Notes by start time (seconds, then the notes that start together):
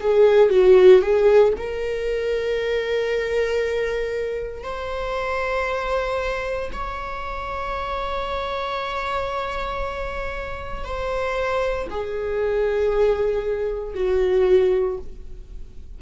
0.00 G#4
0.50 F#4
1.02 G#4
1.57 A#4
4.63 C5
6.72 C#5
10.84 C5
11.90 G#4
13.95 F#4